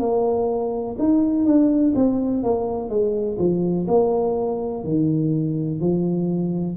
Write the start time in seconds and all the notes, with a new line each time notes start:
0.00 A#3
0.99 D#4
1.46 D4
1.96 C4
2.44 A#3
2.90 G#3
3.39 F3
3.88 A#3
4.84 D#3
5.81 F3